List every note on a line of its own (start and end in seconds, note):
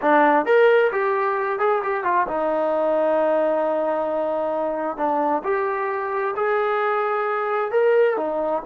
0.01 0.45 D4
0.45 0.90 A#4
0.92 1.59 G4
1.59 1.82 G#4
1.83 2.04 G4
2.04 2.26 F4
2.27 4.97 D#4
4.97 5.42 D4
5.43 6.34 G4
6.36 7.71 G#4
7.71 8.16 A#4
8.16 8.62 D#4